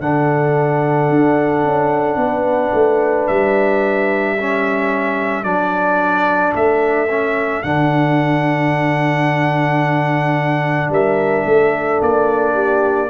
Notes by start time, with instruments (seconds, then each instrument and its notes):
0.00 tuba D3, trombone D4, horn A4, trumpet F#5
1.09 tuba D4
1.63 tuba C#4
2.16 tuba B3, horn B4
2.73 tuba A3
3.27 tuba G3, trumpet E5
4.38 trombone C#4, horn A4
5.44 tuba F#3, trombone D4, trumpet D5
6.55 tuba A3, trumpet E5
7.10 trombone C#4
7.63 tuba D3, trombone D4, trumpet F#5
10.89 tuba G3, horn A#4, trumpet E5
11.45 tuba A3, horn A4
12.01 tuba A#3, trumpet D5
12.53 horn G4